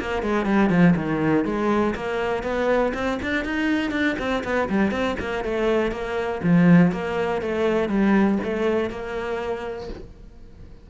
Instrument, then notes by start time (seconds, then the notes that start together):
cello
0.00 A#3
0.22 G#3
0.46 G3
0.70 F3
0.96 D#3
1.45 G#3
1.95 A#3
2.43 B3
2.94 C4
3.22 D4
3.44 D#4
3.91 D4
4.19 C4
4.44 B3
4.69 G3
4.91 C4
5.19 A#3
5.44 A3
5.91 A#3
6.43 F3
6.92 A#3
7.42 A3
7.88 G3
8.43 A3
8.90 A#3